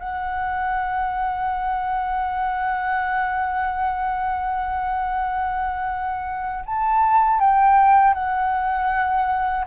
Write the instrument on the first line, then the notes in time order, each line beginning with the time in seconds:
flute
0.00 F#5
6.66 A5
7.40 G5
8.14 F#5